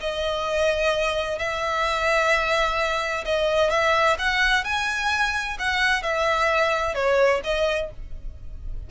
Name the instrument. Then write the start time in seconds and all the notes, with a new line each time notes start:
violin
0.00 D#5
1.38 E5
3.25 D#5
3.70 E5
4.18 F#5
4.64 G#5
5.59 F#5
6.02 E5
6.94 C#5
7.43 D#5